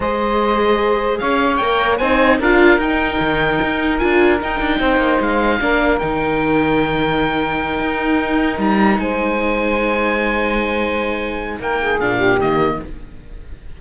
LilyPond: <<
  \new Staff \with { instrumentName = "oboe" } { \time 4/4 \tempo 4 = 150 dis''2. f''4 | g''4 gis''4 f''4 g''4~ | g''2 gis''4 g''4~ | g''4 f''2 g''4~ |
g''1~ | g''4. ais''4 gis''4.~ | gis''1~ | gis''4 g''4 f''4 dis''4 | }
  \new Staff \with { instrumentName = "saxophone" } { \time 4/4 c''2. cis''4~ | cis''4 c''4 ais'2~ | ais'1 | c''2 ais'2~ |
ais'1~ | ais'2~ ais'8 c''4.~ | c''1~ | c''4 ais'8 gis'4 g'4. | }
  \new Staff \with { instrumentName = "viola" } { \time 4/4 gis'1 | ais'4 dis'4 f'4 dis'4~ | dis'2 f'4 dis'4~ | dis'2 d'4 dis'4~ |
dis'1~ | dis'1~ | dis'1~ | dis'2 d'4 ais4 | }
  \new Staff \with { instrumentName = "cello" } { \time 4/4 gis2. cis'4 | ais4 c'4 d'4 dis'4 | dis4 dis'4 d'4 dis'8 d'8 | c'8 ais8 gis4 ais4 dis4~ |
dis2.~ dis8 dis'8~ | dis'4. g4 gis4.~ | gis1~ | gis4 ais4 ais,4 dis4 | }
>>